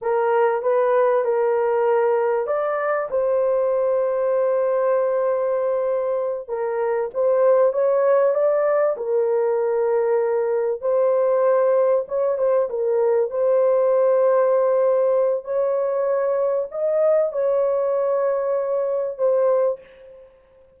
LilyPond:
\new Staff \with { instrumentName = "horn" } { \time 4/4 \tempo 4 = 97 ais'4 b'4 ais'2 | d''4 c''2.~ | c''2~ c''8 ais'4 c''8~ | c''8 cis''4 d''4 ais'4.~ |
ais'4. c''2 cis''8 | c''8 ais'4 c''2~ c''8~ | c''4 cis''2 dis''4 | cis''2. c''4 | }